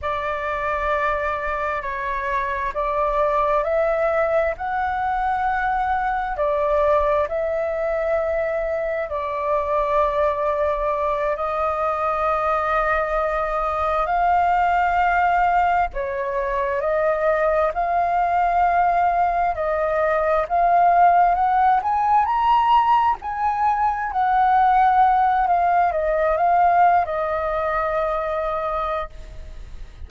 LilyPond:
\new Staff \with { instrumentName = "flute" } { \time 4/4 \tempo 4 = 66 d''2 cis''4 d''4 | e''4 fis''2 d''4 | e''2 d''2~ | d''8 dis''2. f''8~ |
f''4. cis''4 dis''4 f''8~ | f''4. dis''4 f''4 fis''8 | gis''8 ais''4 gis''4 fis''4. | f''8 dis''8 f''8. dis''2~ dis''16 | }